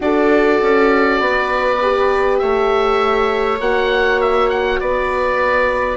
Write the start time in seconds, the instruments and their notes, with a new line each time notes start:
0.00 bassoon D4, horn F#4, viola A4, oboe D5
0.62 bassoon C#4
1.20 bassoon B3, viola B4
1.81 horn G4
2.38 bassoon A3, viola C#5, oboe E5
3.60 bassoon A#3, horn F#4, oboe F#5
4.21 oboe E5
4.49 oboe F#5
4.80 bassoon B3, viola B4, oboe D5